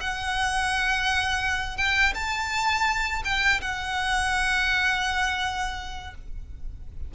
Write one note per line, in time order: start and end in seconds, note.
0.00 1.77 F#5
1.77 2.13 G5
2.14 3.23 A5
3.24 3.60 G5
3.61 6.14 F#5